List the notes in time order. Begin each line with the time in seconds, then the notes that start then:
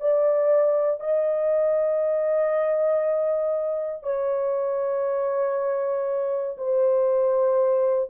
0.00 D5
1.00 D#5
4.03 C#5
6.57 C5